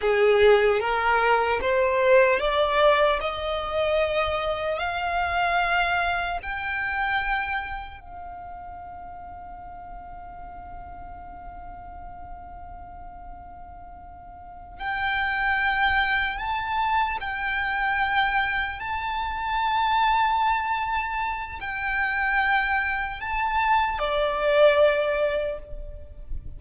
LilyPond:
\new Staff \with { instrumentName = "violin" } { \time 4/4 \tempo 4 = 75 gis'4 ais'4 c''4 d''4 | dis''2 f''2 | g''2 f''2~ | f''1~ |
f''2~ f''8 g''4.~ | g''8 a''4 g''2 a''8~ | a''2. g''4~ | g''4 a''4 d''2 | }